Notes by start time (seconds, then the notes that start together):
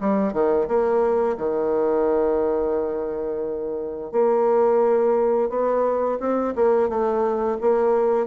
0.00 G3
0.33 D#3
0.68 A#3
1.37 D#3
4.12 A#3
5.50 B3
6.20 C4
6.55 A#3
6.89 A3
7.61 A#3